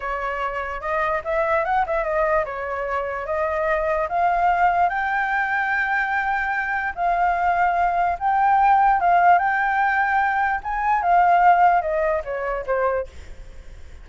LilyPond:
\new Staff \with { instrumentName = "flute" } { \time 4/4 \tempo 4 = 147 cis''2 dis''4 e''4 | fis''8 e''8 dis''4 cis''2 | dis''2 f''2 | g''1~ |
g''4 f''2. | g''2 f''4 g''4~ | g''2 gis''4 f''4~ | f''4 dis''4 cis''4 c''4 | }